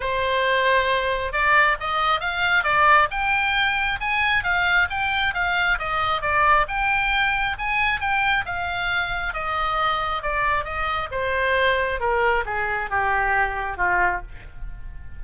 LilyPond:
\new Staff \with { instrumentName = "oboe" } { \time 4/4 \tempo 4 = 135 c''2. d''4 | dis''4 f''4 d''4 g''4~ | g''4 gis''4 f''4 g''4 | f''4 dis''4 d''4 g''4~ |
g''4 gis''4 g''4 f''4~ | f''4 dis''2 d''4 | dis''4 c''2 ais'4 | gis'4 g'2 f'4 | }